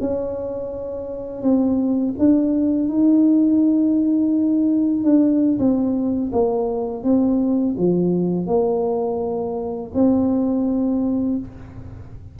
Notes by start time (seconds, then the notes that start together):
0.00 C#4
1.42 C4
2.19 D4
2.88 D#4
5.04 D4
5.59 C4
6.32 A#3
7.03 C4
7.78 F3
8.47 A#3
9.94 C4